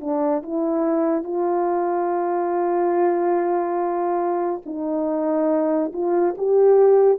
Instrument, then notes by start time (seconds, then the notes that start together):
horn
0.00 D4
0.42 E4
1.23 F4
4.65 D#4
5.92 F4
6.37 G4